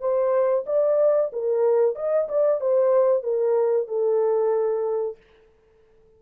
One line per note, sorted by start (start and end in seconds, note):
0.00 0.65 C5
0.66 1.31 D5
1.33 1.95 A#4
1.95 2.28 D#5
2.28 2.60 D5
2.60 3.23 C5
3.23 3.88 A#4
3.88 5.17 A4